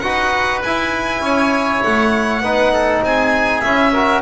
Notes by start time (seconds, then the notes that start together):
0.00 D#4 F#4 B4 F#5
0.63 E4 G#5
1.22 C#4 C#5
1.84 A3 F#5
2.41 B3 D#4 B4
2.73 A4
3.02 C4 G#4 G#5
3.61 C#4 E4 E5
3.93 F#4 A#4